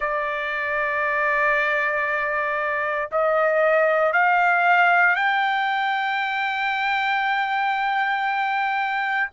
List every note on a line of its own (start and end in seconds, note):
0.00 3.09 D5
3.11 4.12 D#5
4.12 5.15 F5
5.15 9.29 G5